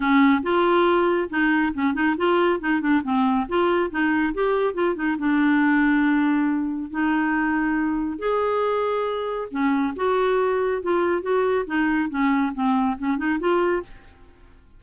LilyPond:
\new Staff \with { instrumentName = "clarinet" } { \time 4/4 \tempo 4 = 139 cis'4 f'2 dis'4 | cis'8 dis'8 f'4 dis'8 d'8 c'4 | f'4 dis'4 g'4 f'8 dis'8 | d'1 |
dis'2. gis'4~ | gis'2 cis'4 fis'4~ | fis'4 f'4 fis'4 dis'4 | cis'4 c'4 cis'8 dis'8 f'4 | }